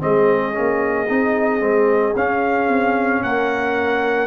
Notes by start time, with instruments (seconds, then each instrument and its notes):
0.00 tuba G#3, trombone C4, horn G#4, trumpet D#5
0.53 tuba A#3, trombone C#4
1.08 tuba C4, trombone D#4
1.61 tuba G#3, trombone C4
2.16 tuba C#4, trombone C#4, trumpet F5
2.69 tuba C4
3.23 tuba A#3, horn A#4, trumpet F#5